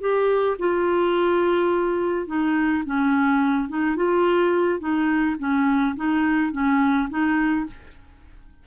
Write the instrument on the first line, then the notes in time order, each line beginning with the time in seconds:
clarinet
0.00 G4
0.58 F4
2.26 D#4
2.85 C#4
3.69 D#4
3.96 F4
4.79 D#4
5.39 C#4
5.96 D#4
6.52 C#4
7.09 D#4